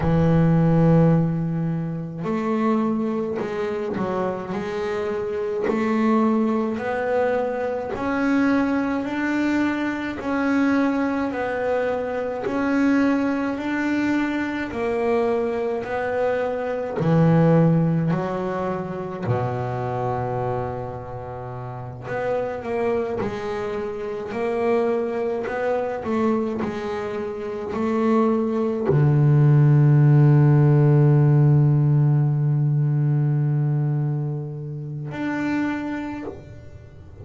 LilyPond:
\new Staff \with { instrumentName = "double bass" } { \time 4/4 \tempo 4 = 53 e2 a4 gis8 fis8 | gis4 a4 b4 cis'4 | d'4 cis'4 b4 cis'4 | d'4 ais4 b4 e4 |
fis4 b,2~ b,8 b8 | ais8 gis4 ais4 b8 a8 gis8~ | gis8 a4 d2~ d8~ | d2. d'4 | }